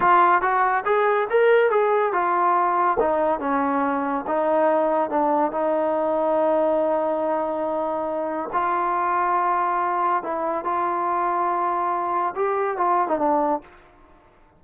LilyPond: \new Staff \with { instrumentName = "trombone" } { \time 4/4 \tempo 4 = 141 f'4 fis'4 gis'4 ais'4 | gis'4 f'2 dis'4 | cis'2 dis'2 | d'4 dis'2.~ |
dis'1 | f'1 | e'4 f'2.~ | f'4 g'4 f'8. dis'16 d'4 | }